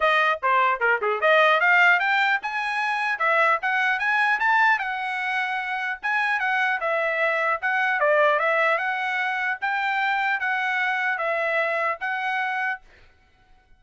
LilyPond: \new Staff \with { instrumentName = "trumpet" } { \time 4/4 \tempo 4 = 150 dis''4 c''4 ais'8 gis'8 dis''4 | f''4 g''4 gis''2 | e''4 fis''4 gis''4 a''4 | fis''2. gis''4 |
fis''4 e''2 fis''4 | d''4 e''4 fis''2 | g''2 fis''2 | e''2 fis''2 | }